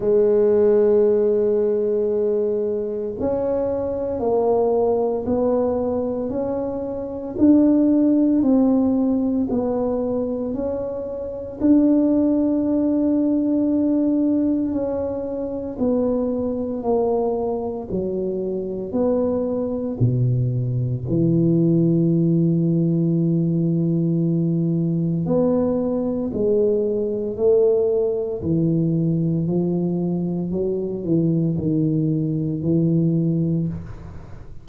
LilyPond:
\new Staff \with { instrumentName = "tuba" } { \time 4/4 \tempo 4 = 57 gis2. cis'4 | ais4 b4 cis'4 d'4 | c'4 b4 cis'4 d'4~ | d'2 cis'4 b4 |
ais4 fis4 b4 b,4 | e1 | b4 gis4 a4 e4 | f4 fis8 e8 dis4 e4 | }